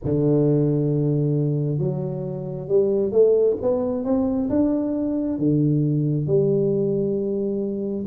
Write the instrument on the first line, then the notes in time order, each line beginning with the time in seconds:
tuba
0.04 D3
1.78 F#3
2.68 G3
3.11 A3
3.61 B3
4.04 C4
4.49 D4
5.38 D3
6.26 G3